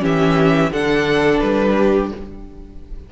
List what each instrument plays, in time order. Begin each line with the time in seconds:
0.00 cello E3, viola C#4, violin G4 E5
0.72 cello D3, viola D4, violin A4 F#5
1.40 cello G3, violin B4
1.76 violin G4